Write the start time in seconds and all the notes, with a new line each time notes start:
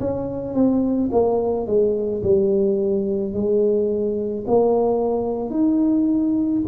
0.00 C#4
0.55 C4
1.12 A#3
1.67 G#3
2.23 G3
3.34 G#3
4.47 A#3
5.51 D#4